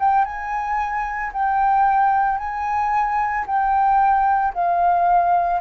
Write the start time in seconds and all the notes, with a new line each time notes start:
0.00 G5
0.25 G#5
1.33 G5
2.38 G#5
3.46 G5
4.54 F5